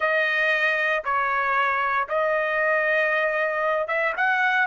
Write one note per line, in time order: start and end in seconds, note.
0.00 1.03 D#5
1.04 2.08 C#5
2.08 3.87 D#5
3.87 4.13 E5
4.16 4.66 F#5